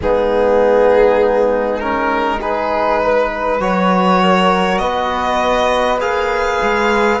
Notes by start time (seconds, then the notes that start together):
0.01 G#3 B3 D#4 G#4
1.80 C#4 A#4
2.40 D#4 G#4 B4
3.03 B4
3.59 F#3 F#4 C#5
4.22 A#4
4.78 B3 B4 D#5
5.99 A#3 G#4 F5
6.62 G#3